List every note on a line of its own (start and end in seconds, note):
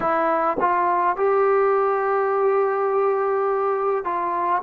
0.00 0.57 E4
0.60 1.16 F4
1.16 4.04 G4
4.04 4.62 F4